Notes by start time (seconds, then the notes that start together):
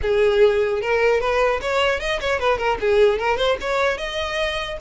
0.01 G#4
0.81 A#4
1.20 B4
1.61 C#5
2.00 D#5
2.20 C#5
2.39 B4
2.58 A#4
2.80 G#4
3.19 A#4
3.37 C5
3.60 C#5
3.97 D#5